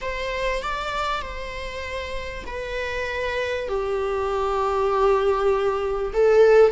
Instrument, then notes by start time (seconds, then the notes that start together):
viola
0.01 C5
0.62 D5
1.22 C5
2.46 B4
3.68 G4
6.13 A4